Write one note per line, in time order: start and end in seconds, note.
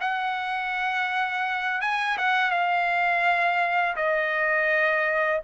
0.00 1.81 F#5
1.81 2.17 G#5
2.17 2.50 F#5
2.50 3.95 F5
3.96 5.40 D#5